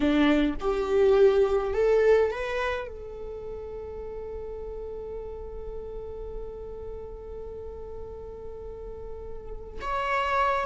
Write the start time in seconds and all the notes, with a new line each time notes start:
0.00 D4
0.60 G4
1.73 A4
2.31 B4
2.87 A4
9.81 C#5